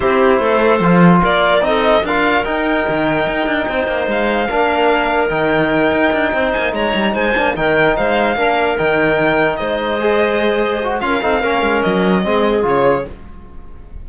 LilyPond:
<<
  \new Staff \with { instrumentName = "violin" } { \time 4/4 \tempo 4 = 147 c''2. d''4 | dis''4 f''4 g''2~ | g''2 f''2~ | f''4 g''2. |
gis''8 ais''4 gis''4 g''4 f''8~ | f''4. g''2 dis''8~ | dis''2. f''4~ | f''4 dis''2 cis''4 | }
  \new Staff \with { instrumentName = "clarinet" } { \time 4/4 g'4 a'2 ais'4 | a'4 ais'2.~ | ais'4 c''2 ais'4~ | ais'2.~ ais'8 c''8~ |
c''8 cis''4 c''4 ais'4 c''8~ | c''8 ais'2. c''8~ | c''2. ais'8 a'8 | ais'2 gis'2 | }
  \new Staff \with { instrumentName = "trombone" } { \time 4/4 e'2 f'2 | dis'4 f'4 dis'2~ | dis'2. d'4~ | d'4 dis'2.~ |
dis'2 d'8 dis'4.~ | dis'8 d'4 dis'2~ dis'8~ | dis'8 gis'2 fis'8 f'8 dis'8 | cis'2 c'4 f'4 | }
  \new Staff \with { instrumentName = "cello" } { \time 4/4 c'4 a4 f4 ais4 | c'4 d'4 dis'4 dis4 | dis'8 d'8 c'8 ais8 gis4 ais4~ | ais4 dis4. dis'8 d'8 c'8 |
ais8 gis8 g8 gis8 ais8 dis4 gis8~ | gis8 ais4 dis2 gis8~ | gis2. cis'8 c'8 | ais8 gis8 fis4 gis4 cis4 | }
>>